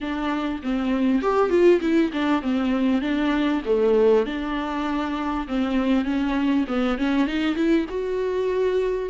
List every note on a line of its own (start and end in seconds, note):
0.01 0.61 D4
0.62 1.21 C4
1.21 1.49 G4
1.49 1.80 F4
1.80 2.11 E4
2.12 2.42 D4
2.42 3.01 C4
3.01 3.62 D4
3.65 4.26 A3
4.26 5.47 D4
5.47 6.04 C4
6.04 6.65 C#4
6.67 6.98 B3
6.98 7.26 C#4
7.26 7.55 D#4
7.55 7.86 E4
7.89 9.09 F#4